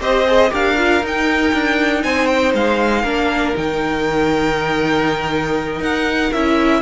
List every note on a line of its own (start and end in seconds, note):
0.00 0.51 C4
0.00 0.26 G4
0.00 0.50 C5
0.00 0.52 D#5
0.26 0.50 G#4
0.50 1.02 D4
0.50 0.75 G4
0.50 2.02 A#4
0.50 1.05 F5
0.77 1.02 F4
1.02 1.53 D#4
1.02 3.05 D#4
1.02 2.03 G5
1.53 2.03 D4
2.03 2.54 C4
2.03 3.02 C5
2.03 2.26 G#5
2.26 2.52 G5
2.54 3.03 G#3
2.54 3.56 F5
3.02 3.54 A#3
3.02 3.55 D4
3.02 6.80 A#4
3.55 5.80 D#3
3.55 6.32 D#4
3.55 5.82 G5
5.80 6.30 D#4
5.80 6.32 F#5
6.32 6.82 C#4
6.32 6.82 E4
6.32 6.82 E5